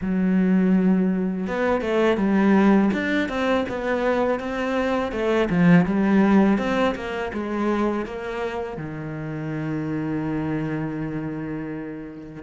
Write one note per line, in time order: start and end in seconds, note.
0.01 1.47 F#3
1.47 1.81 B3
1.81 2.17 A3
2.17 2.90 G3
2.93 3.28 D4
3.28 3.65 C4
3.69 4.39 B3
4.39 5.12 C4
5.12 5.48 A3
5.49 5.85 F3
5.85 6.58 G3
6.58 6.94 C4
6.95 7.31 A#3
7.33 8.05 G#3
8.05 8.77 A#3
8.77 12.42 D#3